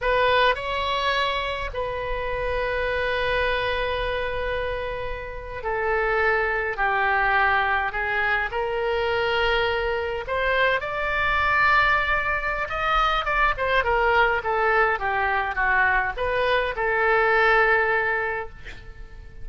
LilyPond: \new Staff \with { instrumentName = "oboe" } { \time 4/4 \tempo 4 = 104 b'4 cis''2 b'4~ | b'1~ | b'4.~ b'16 a'2 g'16~ | g'4.~ g'16 gis'4 ais'4~ ais'16~ |
ais'4.~ ais'16 c''4 d''4~ d''16~ | d''2 dis''4 d''8 c''8 | ais'4 a'4 g'4 fis'4 | b'4 a'2. | }